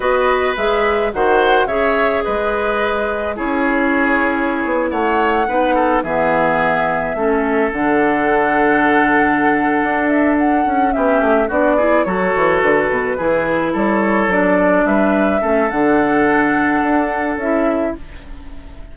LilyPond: <<
  \new Staff \with { instrumentName = "flute" } { \time 4/4 \tempo 4 = 107 dis''4 e''4 fis''4 e''4 | dis''2 cis''2~ | cis''8. fis''2 e''4~ e''16~ | e''4.~ e''16 fis''2~ fis''16~ |
fis''2 e''8 fis''4 e''8~ | e''8 d''4 cis''4 b'4.~ | b'8 cis''4 d''4 e''4. | fis''2. e''4 | }
  \new Staff \with { instrumentName = "oboe" } { \time 4/4 b'2 c''4 cis''4 | b'2 gis'2~ | gis'8. cis''4 b'8 a'8 gis'4~ gis'16~ | gis'8. a'2.~ a'16~ |
a'2.~ a'8 g'8~ | g'8 fis'8 gis'8 a'2 gis'8~ | gis'8 a'2 b'4 a'8~ | a'1 | }
  \new Staff \with { instrumentName = "clarinet" } { \time 4/4 fis'4 gis'4 fis'4 gis'4~ | gis'2 e'2~ | e'4.~ e'16 dis'4 b4~ b16~ | b8. cis'4 d'2~ d'16~ |
d'2.~ d'8 cis'8~ | cis'8 d'8 e'8 fis'2 e'8~ | e'4. d'2 cis'8 | d'2. e'4 | }
  \new Staff \with { instrumentName = "bassoon" } { \time 4/4 b4 gis4 dis4 cis4 | gis2 cis'2~ | cis'16 b8 a4 b4 e4~ e16~ | e8. a4 d2~ d16~ |
d4. d'4. cis'8 b8 | a8 b4 fis8 e8 d8 b,8 e8~ | e8 g4 fis4 g4 a8 | d2 d'4 cis'4 | }
>>